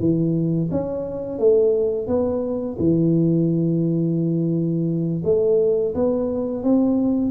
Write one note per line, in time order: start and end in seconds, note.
0.00 0.70 E3
0.72 1.39 C#4
1.39 2.07 A3
2.07 2.77 B3
2.79 5.23 E3
5.25 5.95 A3
5.95 6.64 B3
6.64 7.32 C4